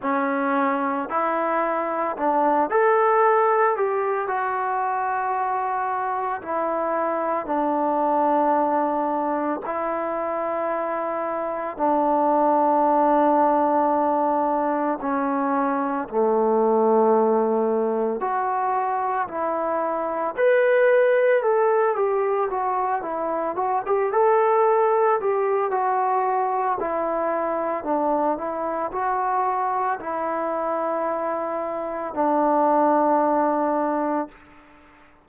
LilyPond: \new Staff \with { instrumentName = "trombone" } { \time 4/4 \tempo 4 = 56 cis'4 e'4 d'8 a'4 g'8 | fis'2 e'4 d'4~ | d'4 e'2 d'4~ | d'2 cis'4 a4~ |
a4 fis'4 e'4 b'4 | a'8 g'8 fis'8 e'8 fis'16 g'16 a'4 g'8 | fis'4 e'4 d'8 e'8 fis'4 | e'2 d'2 | }